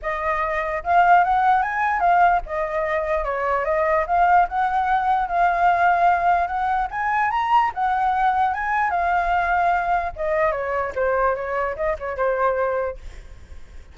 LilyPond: \new Staff \with { instrumentName = "flute" } { \time 4/4 \tempo 4 = 148 dis''2 f''4 fis''4 | gis''4 f''4 dis''2 | cis''4 dis''4 f''4 fis''4~ | fis''4 f''2. |
fis''4 gis''4 ais''4 fis''4~ | fis''4 gis''4 f''2~ | f''4 dis''4 cis''4 c''4 | cis''4 dis''8 cis''8 c''2 | }